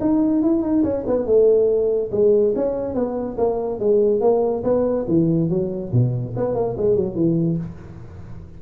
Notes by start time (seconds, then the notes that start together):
0.00 D#4
0.42 E4
0.62 D#4
0.84 C#4
1.07 B3
1.26 A3
2.11 G#3
2.55 C#4
2.94 B3
3.38 A#3
3.80 G#3
4.21 A#3
4.63 B3
5.08 E3
5.49 F#3
5.92 B2
6.36 B3
6.55 A#3
6.77 G#3
6.96 F#3
7.15 E3